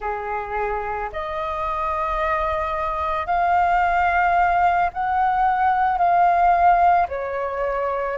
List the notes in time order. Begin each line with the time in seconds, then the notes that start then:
0.00 G#4
1.12 D#5
3.26 F5
4.93 F#5
5.98 F5
7.08 C#5